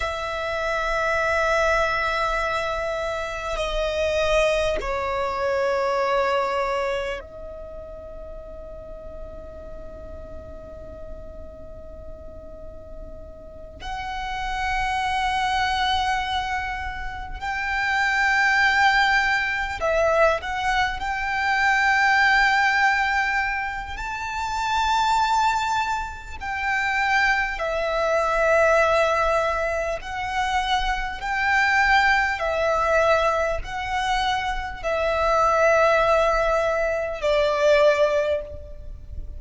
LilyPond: \new Staff \with { instrumentName = "violin" } { \time 4/4 \tempo 4 = 50 e''2. dis''4 | cis''2 dis''2~ | dis''2.~ dis''8 fis''8~ | fis''2~ fis''8 g''4.~ |
g''8 e''8 fis''8 g''2~ g''8 | a''2 g''4 e''4~ | e''4 fis''4 g''4 e''4 | fis''4 e''2 d''4 | }